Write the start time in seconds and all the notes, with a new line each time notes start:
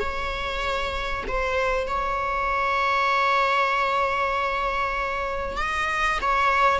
0.00 C#5
1.28 C5
1.88 C#5
5.57 D#5
6.22 C#5